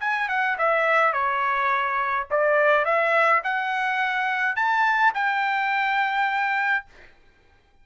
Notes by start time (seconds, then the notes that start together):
0.00 G#5
0.28 F#5
0.58 E5
1.13 C#5
2.30 D5
2.85 E5
3.43 F#5
4.56 A5
5.14 G5